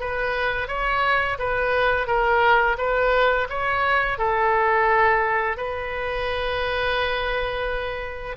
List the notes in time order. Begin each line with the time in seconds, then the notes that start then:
0.00 B4
0.68 C#5
1.39 B4
2.07 A#4
2.78 B4
3.49 C#5
4.18 A4
5.57 B4